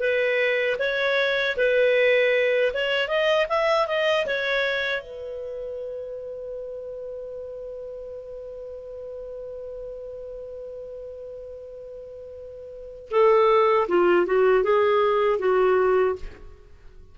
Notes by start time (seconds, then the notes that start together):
0.00 B4
0.79 C#5
1.57 B4
2.74 C#5
3.08 D#5
3.49 E5
3.88 D#5
4.27 C#5
5.02 B4
13.11 A4
13.88 F4
14.27 F#4
14.64 G#4
15.39 F#4